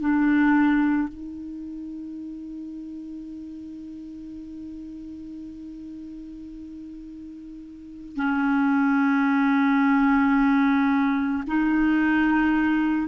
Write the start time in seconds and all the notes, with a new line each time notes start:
0.00 D4
1.08 D#4
8.16 C#4
11.47 D#4